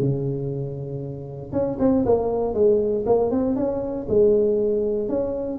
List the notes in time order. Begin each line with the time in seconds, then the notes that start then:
0.00 C#3
1.52 C#4
1.79 C4
2.05 A#3
2.54 G#3
3.06 A#3
3.31 C4
3.56 C#4
4.09 G#3
5.09 C#4